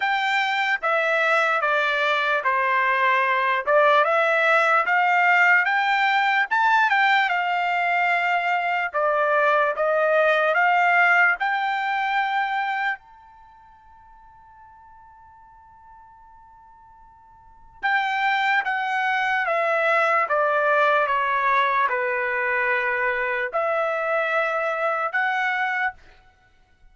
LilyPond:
\new Staff \with { instrumentName = "trumpet" } { \time 4/4 \tempo 4 = 74 g''4 e''4 d''4 c''4~ | c''8 d''8 e''4 f''4 g''4 | a''8 g''8 f''2 d''4 | dis''4 f''4 g''2 |
a''1~ | a''2 g''4 fis''4 | e''4 d''4 cis''4 b'4~ | b'4 e''2 fis''4 | }